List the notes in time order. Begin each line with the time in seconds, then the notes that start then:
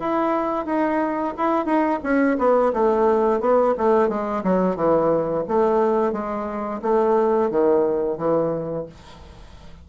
0.00 E4
0.66 D#4
1.38 E4
1.66 D#4
2.04 C#4
2.39 B3
2.74 A3
3.41 B3
3.78 A3
4.09 G#3
4.44 F#3
4.76 E3
5.48 A3
6.13 G#3
6.82 A3
7.51 D#3
8.18 E3